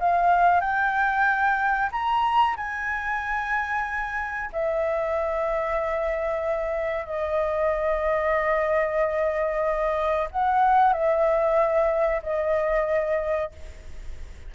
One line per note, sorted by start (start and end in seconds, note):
0.00 0.61 F5
0.61 1.90 G5
1.92 2.56 A#5
2.57 4.50 G#5
4.53 7.06 E5
7.06 10.28 D#5
10.31 10.93 F#5
10.93 12.22 E5
12.23 13.52 D#5